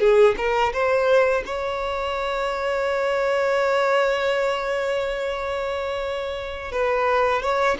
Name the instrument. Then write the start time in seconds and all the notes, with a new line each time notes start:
violin
0.00 G#4
0.38 A#4
0.73 C5
1.46 C#5
6.73 B4
7.42 C#5